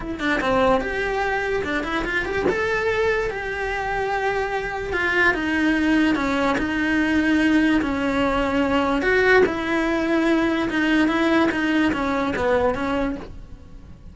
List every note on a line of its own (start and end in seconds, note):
0.00 0.19 E4
0.19 0.40 D4
0.41 0.81 C4
0.81 1.63 G4
1.64 1.83 D4
1.83 2.04 E4
2.04 2.25 F4
2.25 2.45 G4
2.49 3.30 A4
3.30 4.92 G4
4.92 5.33 F4
5.34 6.15 D#4
6.15 6.56 C#4
6.58 7.81 D#4
7.81 9.01 C#4
9.01 9.43 F#4
9.46 10.69 E4
10.69 11.08 D#4
11.08 11.49 E4
11.51 11.92 D#4
11.92 12.33 C#4
12.36 12.75 B3
12.75 13.16 C#4